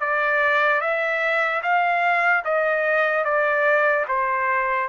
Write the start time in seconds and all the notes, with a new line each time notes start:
0.00 D5
0.81 E5
1.62 F5
2.44 D#5
3.24 D5
4.08 C5